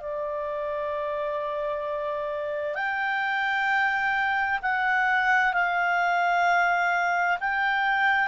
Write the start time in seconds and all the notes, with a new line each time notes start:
0.00 D5
2.75 G5
4.62 F#5
5.53 F5
7.40 G5